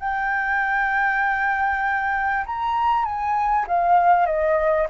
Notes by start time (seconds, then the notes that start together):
0.00 G5
2.47 A#5
3.05 G#5
3.67 F5
4.26 D#5